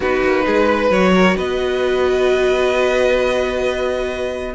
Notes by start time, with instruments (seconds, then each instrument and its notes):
0.00 cello B3, viola D#4, violin F#4 B4
0.23 cello A#3
0.46 cello G#3, violin G#4
0.65 violin B4
0.90 cello F#3, viola F#4, violin C#5
1.14 violin A#4
1.35 cello B3, violin B4 D#5